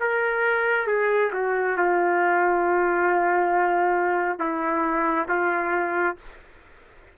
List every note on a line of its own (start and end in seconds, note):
0.00 0.87 A#4
0.87 1.31 G#4
1.33 1.77 F#4
1.78 4.39 F4
4.39 5.27 E4
5.29 6.17 F4